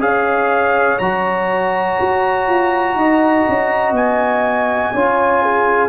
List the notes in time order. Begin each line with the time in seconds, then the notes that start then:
0.00 C#4 G#4 C#5 F5
0.99 F#3 F#4 A#5
2.00 F#4
2.48 F4
2.95 D#4 D#5
3.49 C#4
3.92 B3 G#5
4.94 C#4 F4 C#5
5.43 G#4